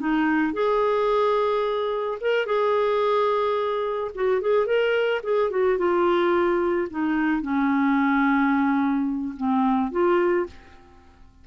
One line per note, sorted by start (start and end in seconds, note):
0.00 0.54 D#4
0.54 2.19 G#4
2.21 2.46 A#4
2.46 4.11 G#4
4.15 4.42 F#4
4.42 4.67 G#4
4.67 5.22 A#4
5.24 5.51 G#4
5.51 5.78 F#4
5.78 6.88 F4
6.91 7.42 D#4
7.42 9.35 C#4
9.37 9.92 C4
9.92 10.47 F4